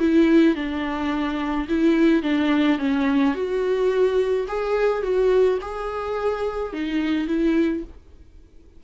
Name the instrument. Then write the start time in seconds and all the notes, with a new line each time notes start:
viola
0.00 E4
0.56 D4
1.69 E4
2.23 D4
2.79 C#4
3.35 F#4
4.48 G#4
5.03 F#4
5.62 G#4
6.74 D#4
7.28 E4